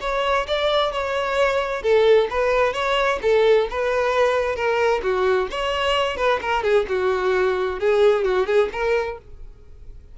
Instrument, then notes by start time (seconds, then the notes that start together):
violin
0.00 C#5
0.47 D5
0.92 C#5
1.82 A4
2.30 B4
2.73 C#5
3.22 A4
3.69 B4
4.55 A#4
5.02 F#4
5.50 C#5
6.16 B4
6.41 A#4
6.63 G#4
6.88 F#4
7.79 G#4
8.24 F#4
8.46 G#4
8.72 A#4